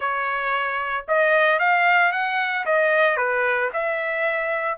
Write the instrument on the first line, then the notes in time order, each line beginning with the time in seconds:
trumpet
0.00 C#5
1.07 D#5
1.59 F5
2.12 F#5
2.65 D#5
3.16 B4
3.73 E5